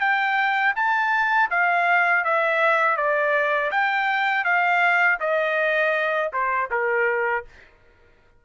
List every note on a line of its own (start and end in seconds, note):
0.00 0.74 G5
0.75 1.49 A5
1.50 2.24 F5
2.24 2.97 E5
2.97 3.71 D5
3.71 4.44 G5
4.44 5.19 F5
5.20 6.31 D#5
6.33 6.70 C5
6.71 7.45 A#4